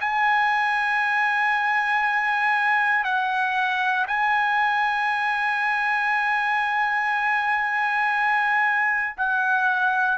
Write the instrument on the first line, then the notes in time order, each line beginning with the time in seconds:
trumpet
0.00 G#5
3.04 F#5
4.07 G#5
9.17 F#5